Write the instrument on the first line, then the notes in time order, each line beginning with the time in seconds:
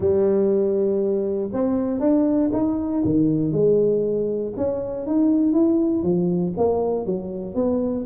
tuba
0.00 G3
1.52 C4
1.99 D4
2.52 D#4
3.04 D#3
3.52 G#3
4.56 C#4
5.06 D#4
5.52 E4
6.03 F3
6.57 A#3
7.05 F#3
7.54 B3